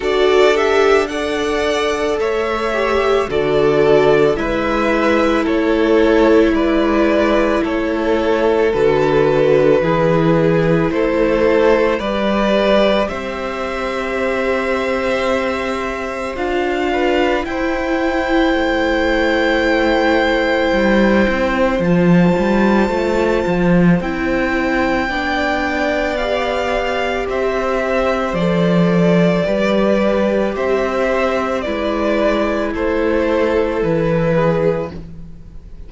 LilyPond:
<<
  \new Staff \with { instrumentName = "violin" } { \time 4/4 \tempo 4 = 55 d''8 e''8 fis''4 e''4 d''4 | e''4 cis''4 d''4 cis''4 | b'2 c''4 d''4 | e''2. f''4 |
g''1 | a''2 g''2 | f''4 e''4 d''2 | e''4 d''4 c''4 b'4 | }
  \new Staff \with { instrumentName = "violin" } { \time 4/4 a'4 d''4 cis''4 a'4 | b'4 a'4 b'4 a'4~ | a'4 gis'4 a'4 b'4 | c''2.~ c''8 b'8 |
c''1~ | c''2. d''4~ | d''4 c''2 b'4 | c''4 b'4 a'4. gis'8 | }
  \new Staff \with { instrumentName = "viola" } { \time 4/4 fis'8 g'8 a'4. g'8 fis'4 | e'1 | fis'4 e'2 g'4~ | g'2. f'4 |
e'1 | f'2 e'4 d'4 | g'2 a'4 g'4~ | g'4 e'2. | }
  \new Staff \with { instrumentName = "cello" } { \time 4/4 d'2 a4 d4 | gis4 a4 gis4 a4 | d4 e4 a4 g4 | c'2. d'4 |
e'4 a2 g8 c'8 | f8 g8 a8 f8 c'4 b4~ | b4 c'4 f4 g4 | c'4 gis4 a4 e4 | }
>>